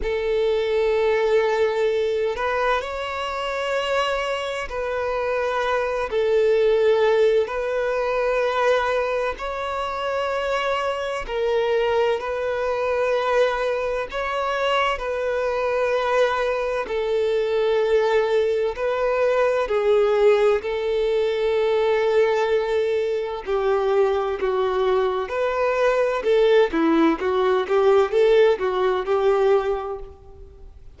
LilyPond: \new Staff \with { instrumentName = "violin" } { \time 4/4 \tempo 4 = 64 a'2~ a'8 b'8 cis''4~ | cis''4 b'4. a'4. | b'2 cis''2 | ais'4 b'2 cis''4 |
b'2 a'2 | b'4 gis'4 a'2~ | a'4 g'4 fis'4 b'4 | a'8 e'8 fis'8 g'8 a'8 fis'8 g'4 | }